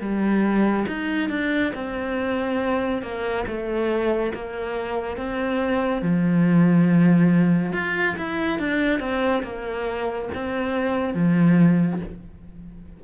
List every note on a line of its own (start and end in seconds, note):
0.00 0.85 G3
0.87 1.29 D#4
1.29 1.72 D4
1.75 3.02 C4
3.02 3.45 A#3
3.47 4.32 A3
4.34 5.17 A#3
5.17 6.02 C4
6.02 7.73 F3
7.73 8.15 F4
8.17 8.59 E4
8.59 9.00 D4
9.00 9.42 C4
9.43 10.29 A#3
10.34 11.14 C4
11.14 12.00 F3